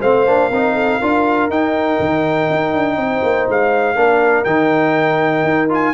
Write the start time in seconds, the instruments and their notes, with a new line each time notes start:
0.00 tuba A3, trombone C4, horn C5, trumpet F5
0.26 tuba A#3, trombone D4
0.50 tuba C4, trombone D#4, horn A#4
0.74 horn A4
0.99 tuba D4, trombone F4, horn A#4
1.49 tuba D#4, trombone D#4, trumpet G5
1.99 tuba D#3
2.50 tuba D#4
2.73 tuba D4
2.96 tuba C4, horn C5
3.23 tuba A#3
3.49 tuba G#3, trumpet F5
3.95 tuba A#3, trombone D4, horn A#4
4.44 tuba D#3, trombone D#4, trumpet G5
5.43 tuba D#4
5.69 trombone F4, trumpet G#5